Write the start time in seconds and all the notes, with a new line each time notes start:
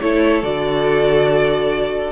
0.00 A3 E4 A4 C#5
0.42 D3 F#4 D5